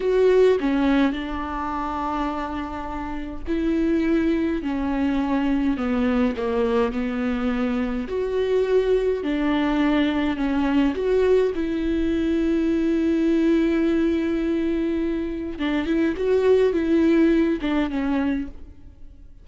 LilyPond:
\new Staff \with { instrumentName = "viola" } { \time 4/4 \tempo 4 = 104 fis'4 cis'4 d'2~ | d'2 e'2 | cis'2 b4 ais4 | b2 fis'2 |
d'2 cis'4 fis'4 | e'1~ | e'2. d'8 e'8 | fis'4 e'4. d'8 cis'4 | }